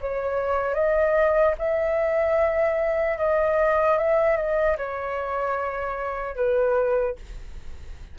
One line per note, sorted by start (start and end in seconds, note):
0.00 0.74 C#5
0.74 1.54 D#5
1.58 3.17 E5
3.17 3.97 D#5
3.97 4.36 E5
4.36 4.76 D#5
4.77 6.35 C#5
6.35 7.15 B4